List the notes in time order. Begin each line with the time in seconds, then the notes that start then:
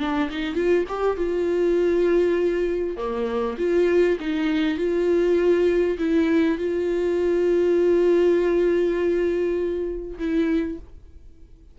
0.00 D4
0.30 D#4
0.55 F4
0.89 G4
1.17 F4
2.97 A#3
3.58 F4
4.20 D#4
4.78 F4
5.99 E4
6.58 F4
10.19 E4